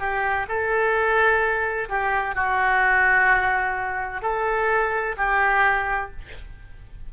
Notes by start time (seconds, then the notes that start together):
0.00 G4
0.49 A4
1.90 G4
2.36 F#4
4.22 A4
5.18 G4